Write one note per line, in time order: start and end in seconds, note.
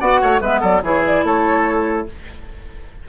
0.00 0.21 B3
0.00 0.41 F#4
0.00 0.21 D5
0.00 0.41 F#5
0.21 0.41 A3
0.21 0.41 C#5
0.41 0.61 G#3
0.41 0.83 B3
0.41 0.61 B4
0.41 0.62 E5
0.61 0.83 F#3
0.61 0.81 A4
0.61 0.84 D5
0.83 1.24 E3
0.83 2.07 E4
0.83 1.25 G#4
0.83 1.06 C#5
1.06 1.26 D5
1.24 2.06 A3
1.24 2.08 A4
1.24 2.09 C#5